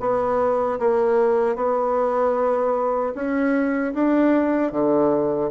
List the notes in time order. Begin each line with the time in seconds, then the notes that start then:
0.00 B3
0.79 A#3
1.56 B3
3.15 C#4
3.94 D4
4.72 D3